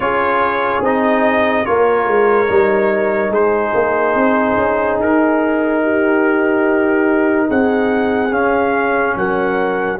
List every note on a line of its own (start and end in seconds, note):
0.00 0.81 C#4
0.00 0.82 F4
0.00 1.68 G#4
0.00 0.83 C#5
0.81 1.64 C4
0.81 1.65 D#4
0.81 1.65 D#5
1.65 2.07 A#3
1.65 2.47 F4
1.65 3.31 A#4
1.65 3.32 C#5
2.07 2.48 G#3
2.47 3.29 G3
2.47 8.30 D#4
3.29 3.71 G#3
3.29 5.81 G#4
3.29 5.00 C5
3.74 4.14 A#3
4.14 4.56 C4
4.57 4.99 C#4
4.99 7.49 D#4
4.99 7.50 A#4
5.83 7.47 G4
7.47 8.32 C4
7.47 9.14 G#4
7.47 8.33 F#5
8.31 9.98 C#4
8.31 9.15 C#4
8.31 9.16 F5
9.16 9.99 F#3
9.16 9.99 A#4
9.16 9.99 F#5